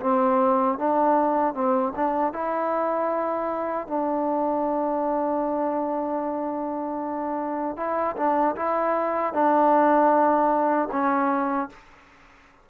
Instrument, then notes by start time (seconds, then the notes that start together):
trombone
0.00 C4
0.78 D4
1.54 C4
1.96 D4
2.33 E4
3.87 D4
7.77 E4
8.16 D4
8.56 E4
9.33 D4
10.92 C#4